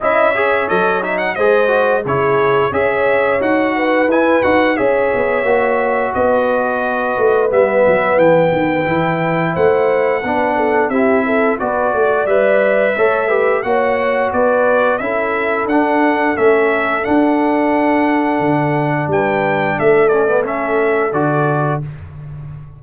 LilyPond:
<<
  \new Staff \with { instrumentName = "trumpet" } { \time 4/4 \tempo 4 = 88 e''4 dis''8 e''16 fis''16 dis''4 cis''4 | e''4 fis''4 gis''8 fis''8 e''4~ | e''4 dis''2 e''4 | g''2 fis''2 |
e''4 d''4 e''2 | fis''4 d''4 e''4 fis''4 | e''4 fis''2. | g''4 e''8 d''8 e''4 d''4 | }
  \new Staff \with { instrumentName = "horn" } { \time 4/4 dis''8 cis''4. c''4 gis'4 | cis''4. b'4. cis''4~ | cis''4 b'2.~ | b'2 c''4 b'8 a'8 |
g'8 a'8 b'8 d''4. cis''8 b'8 | cis''4 b'4 a'2~ | a'1 | b'4 a'2. | }
  \new Staff \with { instrumentName = "trombone" } { \time 4/4 e'8 gis'8 a'8 dis'8 gis'8 fis'8 e'4 | gis'4 fis'4 e'8 fis'8 gis'4 | fis'2. b4~ | b4 e'2 d'4 |
e'4 fis'4 b'4 a'8 g'8 | fis'2 e'4 d'4 | cis'4 d'2.~ | d'4. cis'16 b16 cis'4 fis'4 | }
  \new Staff \with { instrumentName = "tuba" } { \time 4/4 cis'4 fis4 gis4 cis4 | cis'4 dis'4 e'8 dis'8 cis'8 b8 | ais4 b4. a8 g8 fis8 | e8 dis8 e4 a4 b4 |
c'4 b8 a8 g4 a4 | ais4 b4 cis'4 d'4 | a4 d'2 d4 | g4 a2 d4 | }
>>